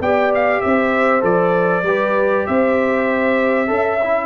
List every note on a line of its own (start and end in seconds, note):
0.00 0.61 B3
0.00 1.21 G4
0.00 0.63 D5
0.00 0.32 G5
0.35 0.61 F5
0.61 1.23 C4
0.61 1.86 C5
0.61 1.22 E5
1.21 1.83 F3
1.21 1.82 A4
1.21 2.46 D5
1.83 2.44 G3
1.83 3.67 G4
1.83 2.47 B4
2.46 3.70 C4
2.46 3.69 C5
2.46 4.26 E5
3.67 4.26 C#4
3.67 3.98 A4
3.67 4.26 E5
4.03 4.26 E4